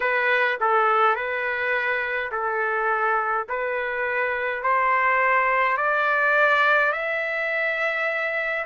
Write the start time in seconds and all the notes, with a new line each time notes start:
0.00 B4
0.60 A4
1.15 B4
2.31 A4
3.48 B4
4.62 C5
5.77 D5
6.92 E5